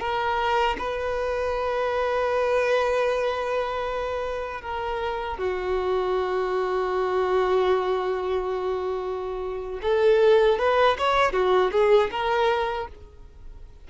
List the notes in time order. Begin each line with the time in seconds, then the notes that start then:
0.00 A#4
0.78 B4
4.62 A#4
5.38 F#4
9.82 A4
10.59 B4
10.98 C#5
11.33 F#4
11.72 G#4
12.11 A#4